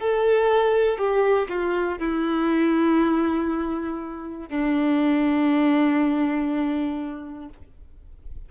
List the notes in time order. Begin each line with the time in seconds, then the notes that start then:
0.00 A4
0.99 G4
1.49 F4
1.99 E4
4.49 D4